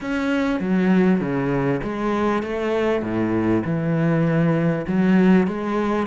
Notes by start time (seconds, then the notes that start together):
0.00 C#4
0.60 F#3
1.20 C#3
1.83 G#3
2.42 A3
3.02 A2
3.64 E3
4.87 F#3
5.47 G#3